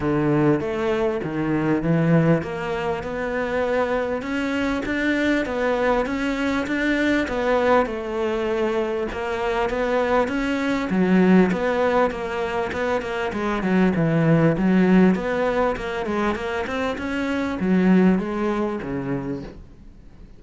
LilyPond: \new Staff \with { instrumentName = "cello" } { \time 4/4 \tempo 4 = 99 d4 a4 dis4 e4 | ais4 b2 cis'4 | d'4 b4 cis'4 d'4 | b4 a2 ais4 |
b4 cis'4 fis4 b4 | ais4 b8 ais8 gis8 fis8 e4 | fis4 b4 ais8 gis8 ais8 c'8 | cis'4 fis4 gis4 cis4 | }